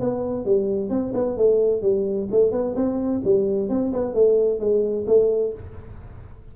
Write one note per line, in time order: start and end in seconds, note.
0.00 0.45 B3
0.45 0.90 G3
0.90 1.13 C4
1.14 1.37 B3
1.37 1.82 A3
1.82 2.28 G3
2.31 2.52 A3
2.52 2.75 B3
2.75 3.21 C4
3.24 3.69 G3
3.69 3.92 C4
3.93 4.14 B3
4.14 4.59 A3
4.59 5.06 G#3
5.07 5.53 A3